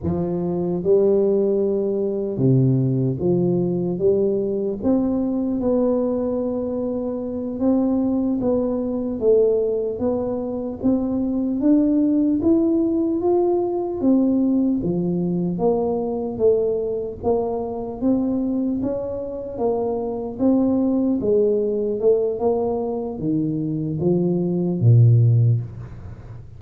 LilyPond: \new Staff \with { instrumentName = "tuba" } { \time 4/4 \tempo 4 = 75 f4 g2 c4 | f4 g4 c'4 b4~ | b4. c'4 b4 a8~ | a8 b4 c'4 d'4 e'8~ |
e'8 f'4 c'4 f4 ais8~ | ais8 a4 ais4 c'4 cis'8~ | cis'8 ais4 c'4 gis4 a8 | ais4 dis4 f4 ais,4 | }